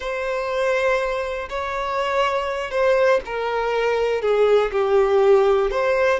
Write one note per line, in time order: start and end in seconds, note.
0.00 1.49 C5
1.49 2.70 C#5
2.70 3.20 C5
3.25 4.21 A#4
4.21 4.71 G#4
4.72 5.70 G4
5.70 6.19 C5